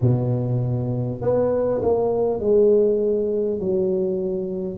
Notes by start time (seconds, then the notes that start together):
0.01 B2
1.21 B3
1.82 A#3
2.39 G#3
3.59 F#3